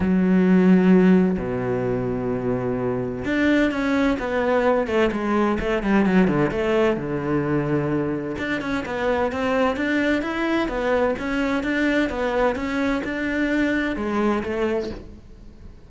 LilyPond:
\new Staff \with { instrumentName = "cello" } { \time 4/4 \tempo 4 = 129 fis2. b,4~ | b,2. d'4 | cis'4 b4. a8 gis4 | a8 g8 fis8 d8 a4 d4~ |
d2 d'8 cis'8 b4 | c'4 d'4 e'4 b4 | cis'4 d'4 b4 cis'4 | d'2 gis4 a4 | }